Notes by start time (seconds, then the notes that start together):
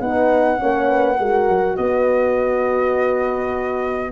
0.00 B3 D#4 B4 F#5
0.57 A#3 C#4 C#5
0.88 B4
1.17 G#3 F#4 A#4
1.48 F#3
1.76 B3 B4 D#5